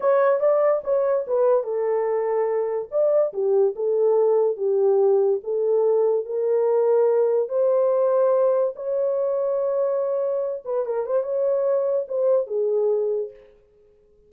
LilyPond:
\new Staff \with { instrumentName = "horn" } { \time 4/4 \tempo 4 = 144 cis''4 d''4 cis''4 b'4 | a'2. d''4 | g'4 a'2 g'4~ | g'4 a'2 ais'4~ |
ais'2 c''2~ | c''4 cis''2.~ | cis''4. b'8 ais'8 c''8 cis''4~ | cis''4 c''4 gis'2 | }